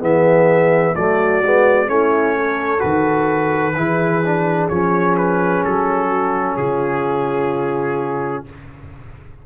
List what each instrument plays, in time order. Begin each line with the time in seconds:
0.00 tuba E3, trombone B3, horn G#4, trumpet E5
0.96 tuba F#3, trombone A3, horn F#4, trumpet D5
1.43 tuba G#3, trombone B3
1.87 tuba A3, trombone C#4, horn E4, trumpet C#5
2.36 horn A4
2.79 tuba D#3, trombone F#4, trumpet B4
3.76 tuba E3, trombone E4, horn G#4
4.25 trombone D4
4.69 tuba F3, trombone C#4, trumpet C#5
5.17 trumpet B4
5.64 tuba F#3, trumpet A4
6.09 horn F#4
6.57 tuba C#3, horn F4, trumpet G#4